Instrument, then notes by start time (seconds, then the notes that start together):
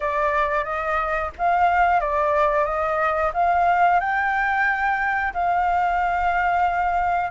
flute
0.00 D5
0.64 D#5
1.38 F5
2.00 D5
2.65 D#5
3.33 F5
4.00 G5
5.33 F5